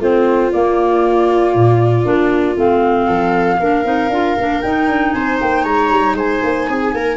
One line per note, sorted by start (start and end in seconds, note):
0.00 0.51 A3
0.00 0.52 C4
0.00 3.07 F4
0.00 0.52 C5
0.52 2.04 A#3
0.52 1.55 A#3
0.52 2.57 D5
1.55 2.05 A#2
2.04 2.56 A#3
2.04 2.55 D4
2.56 3.08 A3
2.56 3.59 C4
2.56 4.62 F5
3.07 3.60 F3
3.07 3.58 A4
3.60 3.85 A#3
3.60 3.84 D4
3.60 5.15 A#4
3.84 4.09 C4
3.84 4.10 D#4
4.09 4.35 D4
4.09 4.37 F4
4.38 4.63 A#3
4.38 4.63 D4
4.62 7.17 D#4
4.62 4.88 D#4
4.62 5.12 G5
4.88 5.13 D4
5.12 5.40 C4
5.12 5.63 C5
5.12 5.37 G#5
5.41 5.64 A#3
5.41 5.65 G5
5.63 5.90 G#3
5.63 6.15 C#5
5.63 6.16 A#5
5.90 6.14 G3
6.14 6.40 G#3
6.14 6.68 C5
6.14 7.17 G#5
6.43 6.69 A#3
6.69 6.94 C4
6.69 6.95 G#4
6.94 7.17 A#3
6.94 7.17 A#4